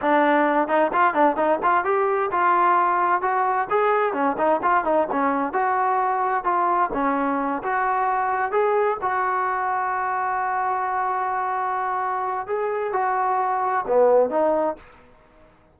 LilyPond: \new Staff \with { instrumentName = "trombone" } { \time 4/4 \tempo 4 = 130 d'4. dis'8 f'8 d'8 dis'8 f'8 | g'4 f'2 fis'4 | gis'4 cis'8 dis'8 f'8 dis'8 cis'4 | fis'2 f'4 cis'4~ |
cis'8 fis'2 gis'4 fis'8~ | fis'1~ | fis'2. gis'4 | fis'2 b4 dis'4 | }